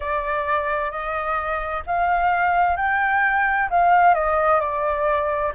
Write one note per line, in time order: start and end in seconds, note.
0.00 0.90 D5
0.90 1.83 D#5
1.86 2.76 F5
2.76 3.68 G5
3.69 4.14 F5
4.14 4.60 D#5
4.60 5.53 D5